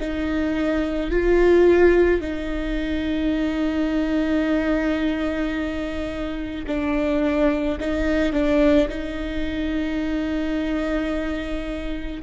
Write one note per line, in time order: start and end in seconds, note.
0.00 1.11 D#4
1.11 2.21 F4
2.21 6.66 D#4
6.67 7.78 D4
7.80 8.33 D#4
8.33 8.88 D4
8.89 12.22 D#4